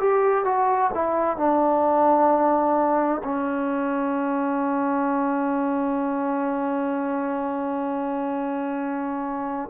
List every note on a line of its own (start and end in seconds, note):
0.00 0.45 G4
0.45 0.91 F#4
0.94 1.37 E4
1.37 3.22 D4
3.24 9.70 C#4